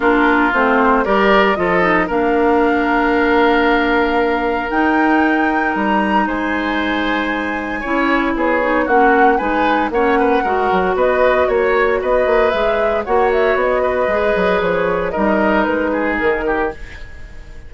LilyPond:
<<
  \new Staff \with { instrumentName = "flute" } { \time 4/4 \tempo 4 = 115 ais'4 c''4 d''4 dis''4 | f''1~ | f''4 g''2 ais''4 | gis''1 |
cis''4 fis''4 gis''4 fis''4~ | fis''4 dis''4 cis''4 dis''4 | e''4 fis''8 e''8 dis''2 | cis''4 dis''4 b'4 ais'4 | }
  \new Staff \with { instrumentName = "oboe" } { \time 4/4 f'2 ais'4 a'4 | ais'1~ | ais'1 | c''2. cis''4 |
gis'4 fis'4 b'4 cis''8 b'8 | ais'4 b'4 cis''4 b'4~ | b'4 cis''4. b'4.~ | b'4 ais'4. gis'4 g'8 | }
  \new Staff \with { instrumentName = "clarinet" } { \time 4/4 d'4 c'4 g'4 f'8 dis'8 | d'1~ | d'4 dis'2.~ | dis'2. e'4~ |
e'8 dis'8 cis'4 dis'4 cis'4 | fis'1 | gis'4 fis'2 gis'4~ | gis'4 dis'2. | }
  \new Staff \with { instrumentName = "bassoon" } { \time 4/4 ais4 a4 g4 f4 | ais1~ | ais4 dis'2 g4 | gis2. cis'4 |
b4 ais4 gis4 ais4 | gis8 fis8 b4 ais4 b8 ais8 | gis4 ais4 b4 gis8 fis8 | f4 g4 gis4 dis4 | }
>>